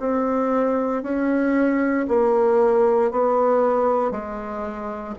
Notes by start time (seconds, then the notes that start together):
0.00 C4
1.03 C#4
2.08 A#3
3.12 B3
4.12 G#3